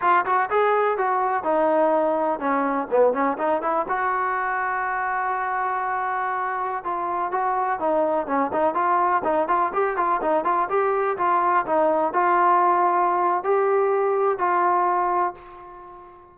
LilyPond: \new Staff \with { instrumentName = "trombone" } { \time 4/4 \tempo 4 = 125 f'8 fis'8 gis'4 fis'4 dis'4~ | dis'4 cis'4 b8 cis'8 dis'8 e'8 | fis'1~ | fis'2~ fis'16 f'4 fis'8.~ |
fis'16 dis'4 cis'8 dis'8 f'4 dis'8 f'16~ | f'16 g'8 f'8 dis'8 f'8 g'4 f'8.~ | f'16 dis'4 f'2~ f'8. | g'2 f'2 | }